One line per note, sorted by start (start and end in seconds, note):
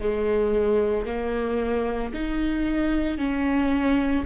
0.00 1.06 G#3
1.06 2.13 A#3
2.13 3.18 D#4
3.18 4.25 C#4